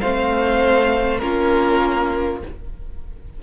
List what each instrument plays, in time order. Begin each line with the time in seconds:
0.00 cello A3, viola C4, violin C5 F5
1.19 cello A#3, viola C#4, violin F4 A#4